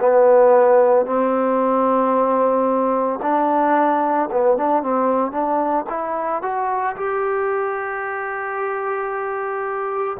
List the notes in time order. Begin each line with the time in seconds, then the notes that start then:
0.00 B3
1.06 C4
3.22 D4
4.31 B3
4.57 D4
4.83 C4
5.32 D4
5.90 E4
6.42 F#4
6.96 G4